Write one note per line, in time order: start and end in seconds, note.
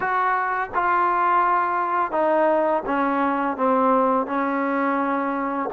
0.00 0.69 F#4
0.74 2.11 F4
2.11 2.82 D#4
2.85 3.56 C#4
3.56 4.26 C4
4.26 5.69 C#4